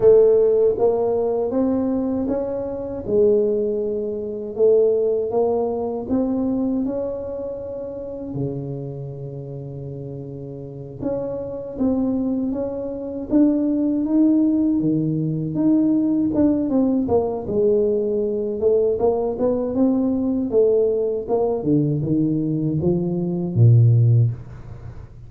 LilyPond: \new Staff \with { instrumentName = "tuba" } { \time 4/4 \tempo 4 = 79 a4 ais4 c'4 cis'4 | gis2 a4 ais4 | c'4 cis'2 cis4~ | cis2~ cis8 cis'4 c'8~ |
c'8 cis'4 d'4 dis'4 dis8~ | dis8 dis'4 d'8 c'8 ais8 gis4~ | gis8 a8 ais8 b8 c'4 a4 | ais8 d8 dis4 f4 ais,4 | }